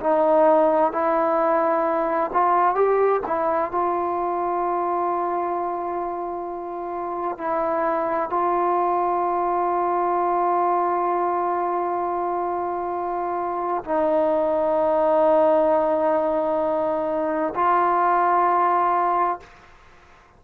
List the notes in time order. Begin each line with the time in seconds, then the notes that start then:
0.00 D#4
0.92 E4
2.32 F4
2.75 G4
3.26 E4
3.71 F4
7.38 E4
8.30 F4
13.84 D#4
17.55 F4